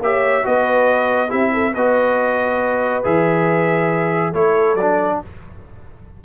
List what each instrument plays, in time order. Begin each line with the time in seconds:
0.00 tuba A#3, trombone G4, horn C#5, trumpet E5
0.44 tuba B3, trombone F#4, horn B4, trumpet D#5
1.29 tuba C4, trombone E4, horn G4, trumpet E5
1.54 horn A4
1.73 tuba B3, trombone F#4, horn B4, trumpet D#5
3.04 tuba E3, trombone G#4, trumpet E5
4.32 tuba A3, trombone E4, horn A4, trumpet C#5
4.75 tuba F#3, trumpet D5
4.82 trombone D4